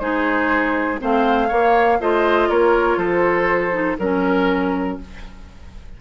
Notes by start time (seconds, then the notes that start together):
0.00 G#3 D#4 G#4 C5
0.99 A3 C4 C5 F5
1.48 A#3 C#5
2.00 A3 F4 C5 D#5
2.50 A#3 A#4 C#5
2.97 F3 A4 C5
3.72 D#4
3.99 F#3 C#4 A#4